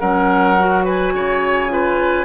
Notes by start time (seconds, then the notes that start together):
0.00 F#3 C#4 A#4 F#5
0.59 F#4
0.84 B4 G#5
1.13 C#3 C#5
1.69 F4 B4